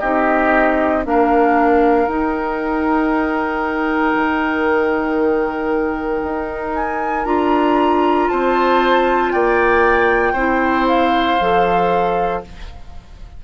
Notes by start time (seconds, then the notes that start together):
0.00 C4 D#4 G4 D#5
1.04 A#3 D4 A#4 F5
2.08 D#4 G5
4.15 D#3
6.23 D#4
6.74 G#5
7.25 D4 F4 A#5
8.29 C4 C5 A5
9.32 A#3 D5 G5
10.33 C4 E4 C5
10.87 F5
11.40 F3 A4